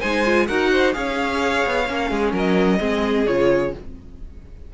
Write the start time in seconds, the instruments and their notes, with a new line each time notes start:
0.00 cello G#3, viola D#4, violin C5 G#5
0.26 viola F4
0.48 cello D#4, viola F#4, violin A#4 F#5
0.72 violin C5
0.93 cello C#4, viola G#4, violin C#5 F5
1.66 cello B3
1.88 cello A#3, viola C#4
2.11 cello G#3, violin G#4
2.33 cello F#3, violin A#4 D#5
2.80 cello G#3, viola C4, violin G#4
3.27 cello C#3, viola F4, violin C#5